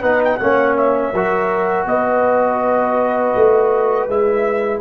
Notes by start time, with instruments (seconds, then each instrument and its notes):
0.00 tuba B3, trombone D#4, horn B4, trumpet F#5
0.24 trumpet G5
0.37 tuba A#3, trombone C#4, horn C#5, trumpet F#5
0.77 trumpet E5
1.13 tuba F#3, trombone F#4, horn A#4
1.86 tuba B3, horn B4, trumpet D#5
3.35 tuba A3
4.07 tuba G#3, trombone E4, trumpet E5